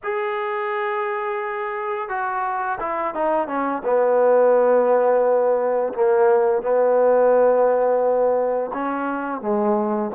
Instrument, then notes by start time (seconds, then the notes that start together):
trombone
0.03 G#4
2.08 F#4
2.80 E4
3.14 D#4
3.47 C#4
3.83 B3
5.93 A#3
6.62 B3
8.73 C#4
9.41 G#3